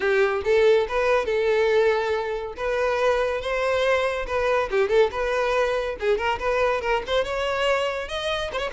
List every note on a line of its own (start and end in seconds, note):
0.00 0.42 G4
0.44 0.87 A4
0.88 1.25 B4
1.25 2.53 A4
2.56 3.41 B4
3.41 4.26 C5
4.26 4.69 B4
4.71 4.89 G4
4.89 5.10 A4
5.11 5.96 B4
6.00 6.17 G#4
6.17 6.38 A#4
6.39 6.81 B4
6.81 7.02 A#4
7.06 7.24 C5
7.24 8.08 C#5
8.08 8.51 D#5
8.53 8.58 C5
8.53 8.69 C#5